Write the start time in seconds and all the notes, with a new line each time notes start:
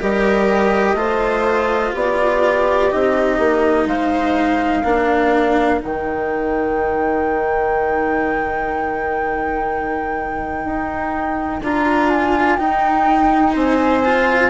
0.00 G3 G4 A#4 D#5
0.94 A3 F4 C5
1.93 B3 G4 D5
2.90 C4 D#4 D#5
3.39 A#3
3.86 G#3 C5 F5
4.84 A#3 D4 A#4
5.81 D#3 D#4 G5
10.65 D#4
11.62 D4 F4 A#5
12.09 G#5
12.57 D#4 G5
13.53 C4 C5 G#5
14.05 F4